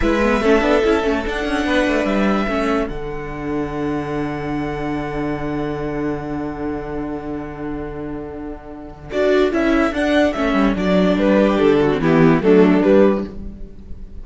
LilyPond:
<<
  \new Staff \with { instrumentName = "violin" } { \time 4/4 \tempo 4 = 145 e''2. fis''4~ | fis''4 e''2 fis''4~ | fis''1~ | fis''1~ |
fis''1~ | fis''2 d''4 e''4 | fis''4 e''4 d''4 b'4 | a'4 g'4 a'4 b'4 | }
  \new Staff \with { instrumentName = "violin" } { \time 4/4 b'4 a'2. | b'2 a'2~ | a'1~ | a'1~ |
a'1~ | a'1~ | a'2.~ a'8 g'8~ | g'8 fis'8 e'4 d'2 | }
  \new Staff \with { instrumentName = "viola" } { \time 4/4 e'8 b8 cis'8 d'8 e'8 cis'8 d'4~ | d'2 cis'4 d'4~ | d'1~ | d'1~ |
d'1~ | d'2 fis'4 e'4 | d'4 cis'4 d'2~ | d'8. c'16 b4 a4 g4 | }
  \new Staff \with { instrumentName = "cello" } { \time 4/4 gis4 a8 b8 cis'8 a8 d'8 cis'8 | b8 a8 g4 a4 d4~ | d1~ | d1~ |
d1~ | d2 d'4 cis'4 | d'4 a8 g8 fis4 g4 | d4 e4 fis4 g4 | }
>>